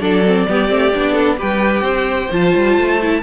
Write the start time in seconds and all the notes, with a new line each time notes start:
0.00 F#3 D4 A4 D5
0.26 C4
0.48 G3 B3 G4
0.67 A3 C4
0.94 B3 D4
1.13 A4
1.37 G3 G4 B4 G5
1.81 C4 C5
2.31 F3 F4 A5
2.55 G3
2.77 A3
3.02 E4